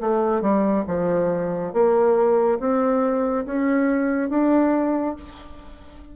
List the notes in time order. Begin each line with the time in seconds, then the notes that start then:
0.00 A3
0.42 G3
0.87 F3
1.73 A#3
2.59 C4
3.45 C#4
4.29 D4